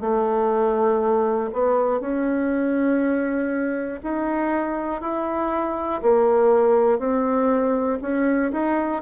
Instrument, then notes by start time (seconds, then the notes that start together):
bassoon
0.00 A3
1.53 B3
2.00 C#4
4.03 D#4
5.01 E4
6.02 A#3
6.99 C4
8.02 C#4
8.52 D#4